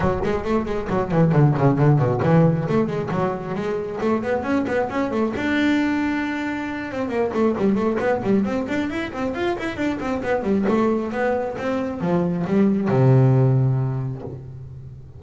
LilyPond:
\new Staff \with { instrumentName = "double bass" } { \time 4/4 \tempo 4 = 135 fis8 gis8 a8 gis8 fis8 e8 d8 cis8 | d8 b,8 e4 a8 gis8 fis4 | gis4 a8 b8 cis'8 b8 cis'8 a8 | d'2.~ d'8 c'8 |
ais8 a8 g8 a8 b8 g8 c'8 d'8 | e'8 c'8 f'8 e'8 d'8 c'8 b8 g8 | a4 b4 c'4 f4 | g4 c2. | }